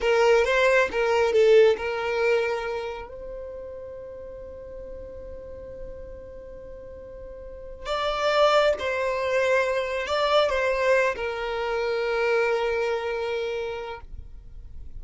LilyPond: \new Staff \with { instrumentName = "violin" } { \time 4/4 \tempo 4 = 137 ais'4 c''4 ais'4 a'4 | ais'2. c''4~ | c''1~ | c''1~ |
c''2 d''2 | c''2. d''4 | c''4. ais'2~ ais'8~ | ais'1 | }